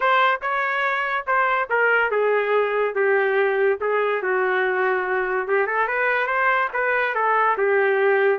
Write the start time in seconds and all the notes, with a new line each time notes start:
0.00 C5
0.41 C#5
1.26 C5
1.69 A#4
2.10 G#4
2.95 G4
3.80 G#4
4.22 F#4
5.47 G4
5.66 A4
5.87 B4
6.27 C5
6.73 B4
7.14 A4
7.57 G4